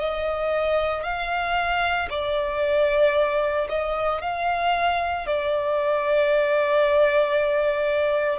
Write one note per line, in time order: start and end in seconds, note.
0.00 1.04 D#5
1.04 2.09 F5
2.11 3.68 D5
3.69 4.22 D#5
4.22 5.27 F5
5.27 8.40 D5